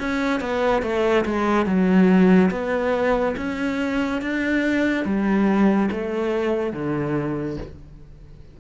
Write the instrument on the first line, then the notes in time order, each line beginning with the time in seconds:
cello
0.00 C#4
0.41 B3
0.83 A3
1.26 G#3
1.66 F#3
2.51 B3
3.37 C#4
4.22 D4
5.06 G3
5.92 A3
6.73 D3